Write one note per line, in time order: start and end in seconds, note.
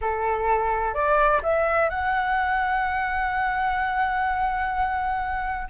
0.01 0.94 A4
0.94 1.41 D5
1.42 1.89 E5
1.89 5.67 F#5